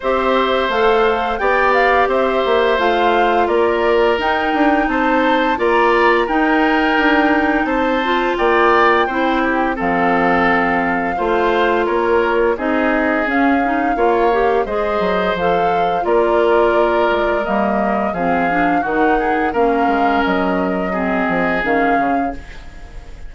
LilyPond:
<<
  \new Staff \with { instrumentName = "flute" } { \time 4/4 \tempo 4 = 86 e''4 f''4 g''8 f''8 e''4 | f''4 d''4 g''4 a''4 | ais''4 g''2 a''4 | g''2 f''2~ |
f''4 cis''4 dis''4 f''4~ | f''4 dis''4 f''4 d''4~ | d''4 dis''4 f''4 fis''4 | f''4 dis''2 f''4 | }
  \new Staff \with { instrumentName = "oboe" } { \time 4/4 c''2 d''4 c''4~ | c''4 ais'2 c''4 | d''4 ais'2 c''4 | d''4 c''8 g'8 a'2 |
c''4 ais'4 gis'2 | cis''4 c''2 ais'4~ | ais'2 gis'4 fis'8 gis'8 | ais'2 gis'2 | }
  \new Staff \with { instrumentName = "clarinet" } { \time 4/4 g'4 a'4 g'2 | f'2 dis'2 | f'4 dis'2~ dis'8 f'8~ | f'4 e'4 c'2 |
f'2 dis'4 cis'8 dis'8 | f'8 g'8 gis'4 a'4 f'4~ | f'4 ais4 c'8 d'8 dis'4 | cis'2 c'4 cis'4 | }
  \new Staff \with { instrumentName = "bassoon" } { \time 4/4 c'4 a4 b4 c'8 ais8 | a4 ais4 dis'8 d'8 c'4 | ais4 dis'4 d'4 c'4 | ais4 c'4 f2 |
a4 ais4 c'4 cis'4 | ais4 gis8 fis8 f4 ais4~ | ais8 gis8 g4 f4 dis4 | ais8 gis8 fis4. f8 dis8 cis8 | }
>>